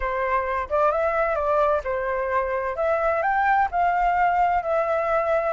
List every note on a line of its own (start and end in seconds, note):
0.00 0.68 C5
0.69 0.91 D5
0.91 1.35 E5
1.35 1.81 D5
1.84 2.76 C5
2.76 3.22 E5
3.22 3.68 G5
3.71 4.62 F5
4.62 5.53 E5